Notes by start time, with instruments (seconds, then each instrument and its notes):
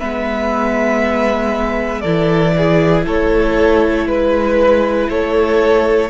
0.00 cello G#3, viola B3, violin B4 E5
2.01 cello E3, viola E4, violin A4 D5
2.58 violin G#4
3.07 cello A3, violin A4 C#5
4.07 cello G#3, violin B4
5.10 cello A3, violin A4 C#5